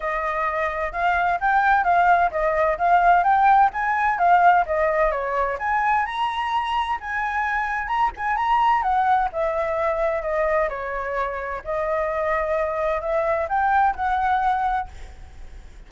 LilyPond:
\new Staff \with { instrumentName = "flute" } { \time 4/4 \tempo 4 = 129 dis''2 f''4 g''4 | f''4 dis''4 f''4 g''4 | gis''4 f''4 dis''4 cis''4 | gis''4 ais''2 gis''4~ |
gis''4 ais''8 gis''8 ais''4 fis''4 | e''2 dis''4 cis''4~ | cis''4 dis''2. | e''4 g''4 fis''2 | }